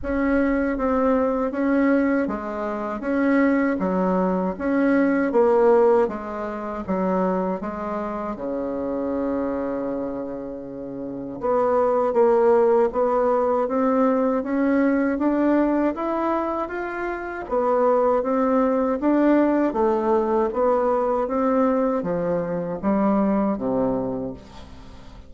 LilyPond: \new Staff \with { instrumentName = "bassoon" } { \time 4/4 \tempo 4 = 79 cis'4 c'4 cis'4 gis4 | cis'4 fis4 cis'4 ais4 | gis4 fis4 gis4 cis4~ | cis2. b4 |
ais4 b4 c'4 cis'4 | d'4 e'4 f'4 b4 | c'4 d'4 a4 b4 | c'4 f4 g4 c4 | }